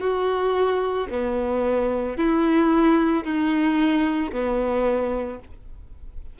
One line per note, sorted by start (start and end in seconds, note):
0.00 1.07 F#4
1.10 2.17 B3
2.17 3.24 E4
3.24 4.31 D#4
4.32 5.40 B3